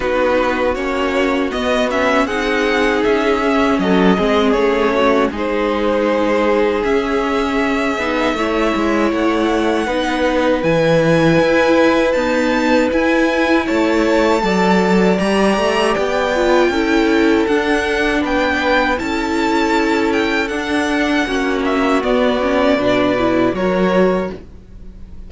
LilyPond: <<
  \new Staff \with { instrumentName = "violin" } { \time 4/4 \tempo 4 = 79 b'4 cis''4 dis''8 e''8 fis''4 | e''4 dis''4 cis''4 c''4~ | c''4 e''2. | fis''2 gis''2 |
a''4 gis''4 a''2 | ais''4 g''2 fis''4 | g''4 a''4. g''8 fis''4~ | fis''8 e''8 d''2 cis''4 | }
  \new Staff \with { instrumentName = "violin" } { \time 4/4 fis'2. gis'4~ | gis'4 a'8 gis'4 fis'8 gis'4~ | gis'2. cis''4~ | cis''4 b'2.~ |
b'2 cis''4 d''4~ | d''2 a'2 | b'4 a'2. | fis'2 b'4 ais'4 | }
  \new Staff \with { instrumentName = "viola" } { \time 4/4 dis'4 cis'4 b8 cis'8 dis'4~ | dis'8 cis'4 c'8 cis'4 dis'4~ | dis'4 cis'4. dis'8 e'4~ | e'4 dis'4 e'2 |
b4 e'2 a'4 | g'4. f'8 e'4 d'4~ | d'4 e'2 d'4 | cis'4 b8 cis'8 d'8 e'8 fis'4 | }
  \new Staff \with { instrumentName = "cello" } { \time 4/4 b4 ais4 b4 c'4 | cis'4 fis8 gis8 a4 gis4~ | gis4 cis'4. b8 a8 gis8 | a4 b4 e4 e'4 |
dis'4 e'4 a4 fis4 | g8 a8 b4 cis'4 d'4 | b4 cis'2 d'4 | ais4 b4 b,4 fis4 | }
>>